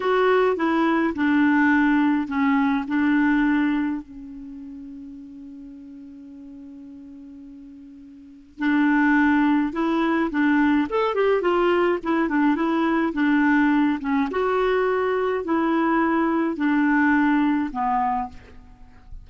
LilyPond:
\new Staff \with { instrumentName = "clarinet" } { \time 4/4 \tempo 4 = 105 fis'4 e'4 d'2 | cis'4 d'2 cis'4~ | cis'1~ | cis'2. d'4~ |
d'4 e'4 d'4 a'8 g'8 | f'4 e'8 d'8 e'4 d'4~ | d'8 cis'8 fis'2 e'4~ | e'4 d'2 b4 | }